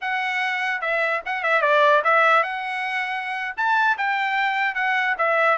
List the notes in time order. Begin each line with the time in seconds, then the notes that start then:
0.01 F#5
0.81 E5
1.25 F#5
1.43 E5
1.61 D5
2.03 E5
2.43 F#5
3.56 A5
3.97 G5
4.75 F#5
5.18 E5